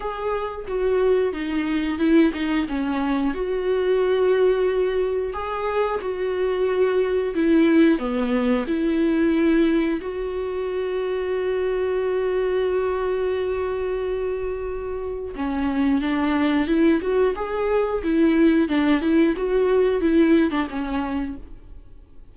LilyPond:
\new Staff \with { instrumentName = "viola" } { \time 4/4 \tempo 4 = 90 gis'4 fis'4 dis'4 e'8 dis'8 | cis'4 fis'2. | gis'4 fis'2 e'4 | b4 e'2 fis'4~ |
fis'1~ | fis'2. cis'4 | d'4 e'8 fis'8 gis'4 e'4 | d'8 e'8 fis'4 e'8. d'16 cis'4 | }